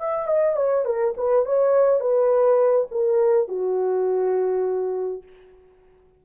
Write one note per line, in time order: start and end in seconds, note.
0.00 0.28 E5
0.28 0.57 D#5
0.57 0.86 C#5
0.86 1.15 A#4
1.18 1.46 B4
1.46 2.01 C#5
2.01 2.88 B4
2.92 3.49 A#4
3.49 5.24 F#4